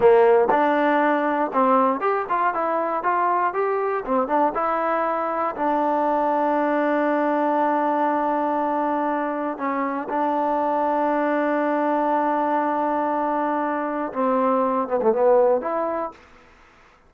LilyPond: \new Staff \with { instrumentName = "trombone" } { \time 4/4 \tempo 4 = 119 ais4 d'2 c'4 | g'8 f'8 e'4 f'4 g'4 | c'8 d'8 e'2 d'4~ | d'1~ |
d'2. cis'4 | d'1~ | d'1 | c'4. b16 a16 b4 e'4 | }